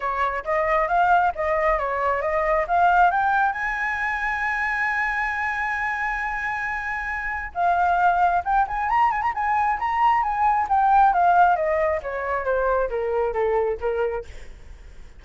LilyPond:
\new Staff \with { instrumentName = "flute" } { \time 4/4 \tempo 4 = 135 cis''4 dis''4 f''4 dis''4 | cis''4 dis''4 f''4 g''4 | gis''1~ | gis''1~ |
gis''4 f''2 g''8 gis''8 | ais''8 gis''16 ais''16 gis''4 ais''4 gis''4 | g''4 f''4 dis''4 cis''4 | c''4 ais'4 a'4 ais'4 | }